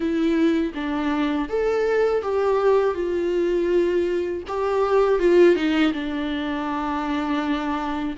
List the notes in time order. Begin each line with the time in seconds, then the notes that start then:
0.00 E4
0.74 D4
1.48 A4
2.22 G4
2.94 F4
4.47 G4
5.19 F4
5.55 D#4
5.93 D4